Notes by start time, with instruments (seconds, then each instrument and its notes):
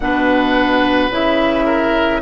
0.00 bassoon B2, clarinet D4, oboe B4, flute F#5
1.10 bassoon C#3, clarinet E4, flute E5
1.65 oboe A#4